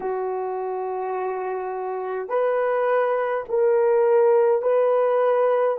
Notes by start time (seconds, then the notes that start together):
0.00 F#4
2.28 B4
3.49 A#4
4.62 B4